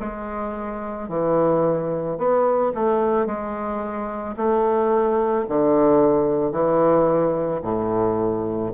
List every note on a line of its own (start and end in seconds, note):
0.00 1.09 G#3
1.09 2.18 E3
2.18 2.72 B3
2.75 3.27 A3
3.27 4.36 G#3
4.37 5.46 A3
5.49 6.52 D3
6.52 7.61 E3
7.63 8.72 A2